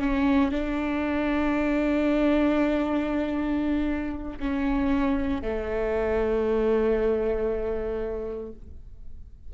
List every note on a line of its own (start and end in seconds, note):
0.00 0.51 C#4
0.51 4.39 D4
4.40 5.43 C#4
5.43 8.53 A3